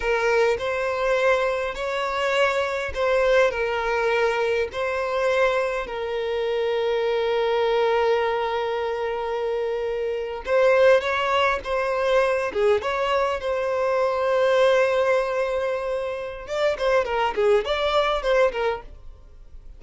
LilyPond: \new Staff \with { instrumentName = "violin" } { \time 4/4 \tempo 4 = 102 ais'4 c''2 cis''4~ | cis''4 c''4 ais'2 | c''2 ais'2~ | ais'1~ |
ais'4.~ ais'16 c''4 cis''4 c''16~ | c''4~ c''16 gis'8 cis''4 c''4~ c''16~ | c''1 | d''8 c''8 ais'8 gis'8 d''4 c''8 ais'8 | }